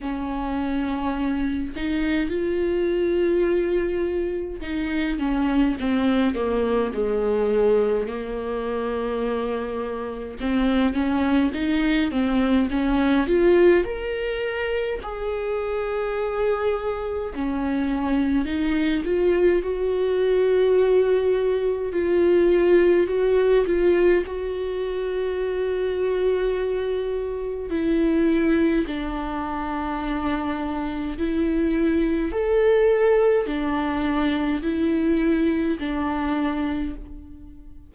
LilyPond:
\new Staff \with { instrumentName = "viola" } { \time 4/4 \tempo 4 = 52 cis'4. dis'8 f'2 | dis'8 cis'8 c'8 ais8 gis4 ais4~ | ais4 c'8 cis'8 dis'8 c'8 cis'8 f'8 | ais'4 gis'2 cis'4 |
dis'8 f'8 fis'2 f'4 | fis'8 f'8 fis'2. | e'4 d'2 e'4 | a'4 d'4 e'4 d'4 | }